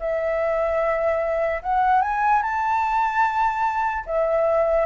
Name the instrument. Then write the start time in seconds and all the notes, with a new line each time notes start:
flute
0.00 E5
1.63 F#5
2.02 G#5
2.43 A5
4.07 E5